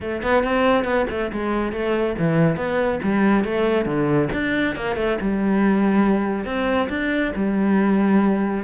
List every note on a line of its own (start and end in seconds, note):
0.00 0.22 A3
0.22 0.43 B3
0.43 0.84 C4
0.84 1.06 B3
1.10 1.31 A3
1.32 1.72 G#3
1.72 2.15 A3
2.18 2.56 E3
2.56 2.99 B3
3.02 3.44 G3
3.44 3.85 A3
3.85 4.28 D3
4.32 4.75 D4
4.75 4.95 A#3
4.95 5.17 A3
5.21 6.45 G3
6.45 6.88 C4
6.89 7.32 D4
7.35 8.64 G3